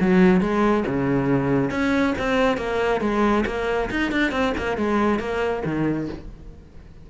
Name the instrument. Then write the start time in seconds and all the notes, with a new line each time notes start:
cello
0.00 F#3
0.40 G#3
0.87 C#3
1.70 C#4
2.18 C4
2.57 A#3
3.01 G#3
3.46 A#3
3.90 D#4
4.11 D4
4.31 C4
4.57 A#3
4.77 G#3
5.19 A#3
5.65 D#3